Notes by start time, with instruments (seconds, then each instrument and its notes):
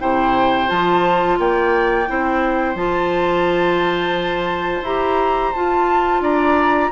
0.00 bassoon C3, clarinet E4, oboe C5, flute G5
0.67 bassoon F3, clarinet F4, flute A5
1.39 bassoon A#3, oboe D5, flute G5
2.08 bassoon C4, clarinet E4, oboe C5
2.75 bassoon F3, clarinet F4, flute A5
4.83 bassoon E4, clarinet G4, flute A#5
5.53 clarinet F4, bassoon F4, flute A5
6.21 bassoon D4, oboe D5, flute A#5